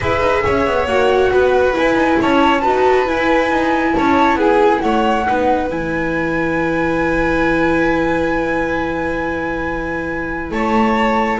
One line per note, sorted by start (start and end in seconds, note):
0.00 0.20 E4
0.00 0.87 G#4
0.00 0.43 B4
0.00 0.86 E5
0.20 0.42 D#4
0.45 0.66 C#4
0.45 1.32 C#5
0.66 0.87 B3
0.86 1.31 A#3
0.86 1.73 F#4
0.86 1.73 F#5
1.31 1.74 B3
1.31 2.19 B4
1.73 2.61 E4
1.73 1.94 E4
1.73 2.20 G#5
1.94 2.16 D#4
2.20 2.65 C#4
2.20 2.60 C#5
2.20 3.08 A5
2.60 3.08 D#4
2.60 3.05 F#4
2.60 3.92 B4
3.05 5.24 E4
3.05 3.50 E4
3.05 3.94 G#5
3.50 3.94 D#4
3.94 4.35 C#4
3.94 4.38 C#5
3.94 4.38 A5
4.35 4.79 B3
4.35 4.82 G#4
4.35 4.80 G#5
4.80 5.27 A3
4.80 5.26 C#5
4.80 5.68 F#5
5.26 5.70 B3
5.26 5.69 D#4
5.26 10.53 B4
5.69 10.50 E3
5.69 11.39 E4
5.69 10.51 G#5
10.50 11.38 A3
10.50 11.39 C#5
10.50 11.39 A5